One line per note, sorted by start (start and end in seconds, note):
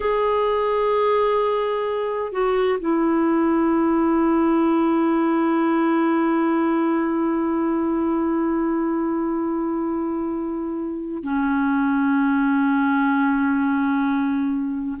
0.00 2.31 G#4
2.31 2.78 F#4
2.79 11.22 E4
11.22 14.98 C#4